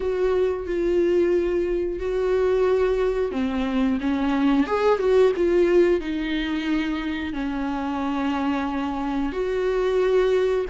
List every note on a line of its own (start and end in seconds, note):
0.00 0.66 F#4
0.66 1.99 F4
1.99 3.31 F#4
3.31 3.98 C4
4.00 4.66 C#4
4.66 4.98 G#4
4.98 5.32 F#4
5.36 6.00 F4
6.00 7.33 D#4
7.33 9.32 C#4
9.32 10.65 F#4